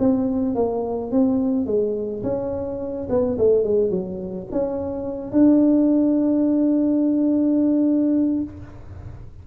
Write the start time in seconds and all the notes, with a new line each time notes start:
0.00 C4
0.56 A#3
1.12 C4
1.67 G#3
2.23 C#4
3.10 B3
3.39 A3
3.64 G#3
3.91 F#3
4.53 C#4
5.32 D4